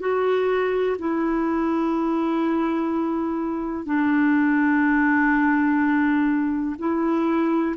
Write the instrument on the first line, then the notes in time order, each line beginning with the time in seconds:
clarinet
0.00 F#4
0.99 E4
3.86 D4
6.79 E4